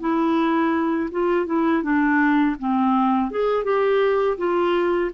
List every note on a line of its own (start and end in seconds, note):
0.00 1.10 E4
1.11 1.46 F4
1.46 1.83 E4
1.83 2.56 D4
2.59 3.31 C4
3.31 3.64 G#4
3.64 4.37 G4
4.38 5.11 F4